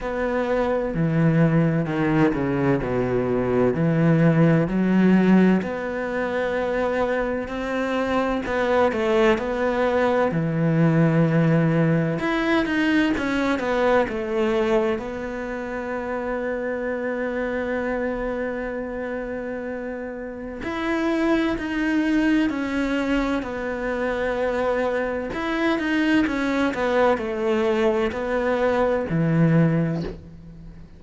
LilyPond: \new Staff \with { instrumentName = "cello" } { \time 4/4 \tempo 4 = 64 b4 e4 dis8 cis8 b,4 | e4 fis4 b2 | c'4 b8 a8 b4 e4~ | e4 e'8 dis'8 cis'8 b8 a4 |
b1~ | b2 e'4 dis'4 | cis'4 b2 e'8 dis'8 | cis'8 b8 a4 b4 e4 | }